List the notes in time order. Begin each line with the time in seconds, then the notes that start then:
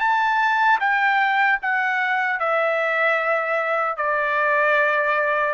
0.00 A5
0.80 G5
1.62 F#5
2.40 E5
3.97 D5